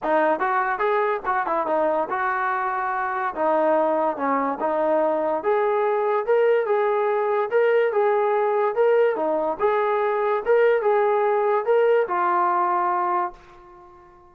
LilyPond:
\new Staff \with { instrumentName = "trombone" } { \time 4/4 \tempo 4 = 144 dis'4 fis'4 gis'4 fis'8 e'8 | dis'4 fis'2. | dis'2 cis'4 dis'4~ | dis'4 gis'2 ais'4 |
gis'2 ais'4 gis'4~ | gis'4 ais'4 dis'4 gis'4~ | gis'4 ais'4 gis'2 | ais'4 f'2. | }